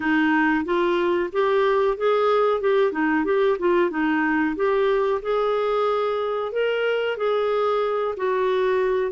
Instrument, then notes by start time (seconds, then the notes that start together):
clarinet
0.00 D#4
0.64 F4
1.32 G4
1.97 G#4
2.61 G4
2.92 D#4
3.24 G4
3.59 F4
3.90 D#4
4.56 G4
5.22 G#4
6.52 A#4
7.17 G#4
8.16 F#4